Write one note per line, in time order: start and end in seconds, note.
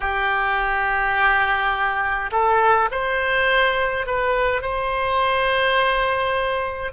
0.00 2.31 G4
2.31 2.89 A4
2.91 4.06 C5
4.06 4.61 B4
4.61 6.92 C5